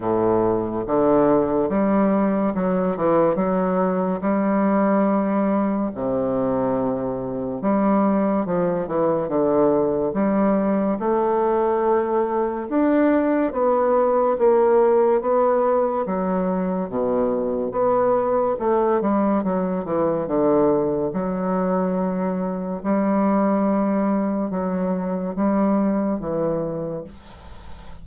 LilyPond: \new Staff \with { instrumentName = "bassoon" } { \time 4/4 \tempo 4 = 71 a,4 d4 g4 fis8 e8 | fis4 g2 c4~ | c4 g4 f8 e8 d4 | g4 a2 d'4 |
b4 ais4 b4 fis4 | b,4 b4 a8 g8 fis8 e8 | d4 fis2 g4~ | g4 fis4 g4 e4 | }